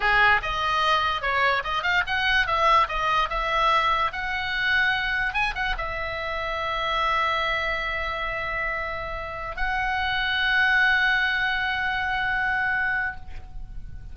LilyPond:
\new Staff \with { instrumentName = "oboe" } { \time 4/4 \tempo 4 = 146 gis'4 dis''2 cis''4 | dis''8 f''8 fis''4 e''4 dis''4 | e''2 fis''2~ | fis''4 gis''8 fis''8 e''2~ |
e''1~ | e''2.~ e''16 fis''8.~ | fis''1~ | fis''1 | }